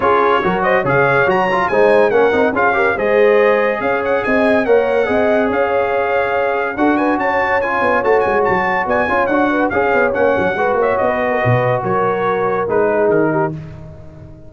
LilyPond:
<<
  \new Staff \with { instrumentName = "trumpet" } { \time 4/4 \tempo 4 = 142 cis''4. dis''8 f''4 ais''4 | gis''4 fis''4 f''4 dis''4~ | dis''4 f''8 fis''8 gis''4 fis''4~ | fis''4 f''2. |
fis''8 gis''8 a''4 gis''4 a''8 gis''8 | a''4 gis''4 fis''4 f''4 | fis''4. e''8 dis''2 | cis''2 b'4 ais'4 | }
  \new Staff \with { instrumentName = "horn" } { \time 4/4 gis'4 ais'8 c''8 cis''2 | c''4 ais'4 gis'8 ais'8 c''4~ | c''4 cis''4 dis''4 cis''4 | dis''4 cis''2. |
a'8 b'8 cis''2.~ | cis''4 d''8 cis''4 b'8 cis''4~ | cis''4 b'8 cis''8. b'8 ais'16 b'4 | ais'2~ ais'8 gis'4 g'8 | }
  \new Staff \with { instrumentName = "trombone" } { \time 4/4 f'4 fis'4 gis'4 fis'8 f'8 | dis'4 cis'8 dis'8 f'8 g'8 gis'4~ | gis'2. ais'4 | gis'1 |
fis'2 f'4 fis'4~ | fis'4. f'8 fis'4 gis'4 | cis'4 fis'2.~ | fis'2 dis'2 | }
  \new Staff \with { instrumentName = "tuba" } { \time 4/4 cis'4 fis4 cis4 fis4 | gis4 ais8 c'8 cis'4 gis4~ | gis4 cis'4 c'4 ais4 | c'4 cis'2. |
d'4 cis'4. b8 a8 gis8 | fis4 b8 cis'8 d'4 cis'8 b8 | ais8 fis8 gis8 ais8 b4 b,4 | fis2 gis4 dis4 | }
>>